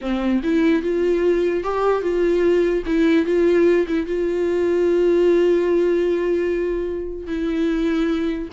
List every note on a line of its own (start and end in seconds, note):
0.01 0.41 C4
0.43 0.82 E4
0.82 1.63 F4
1.63 2.02 G4
2.02 2.83 F4
2.86 3.25 E4
3.25 3.86 F4
3.87 4.06 E4
4.06 7.26 F4
7.26 8.48 E4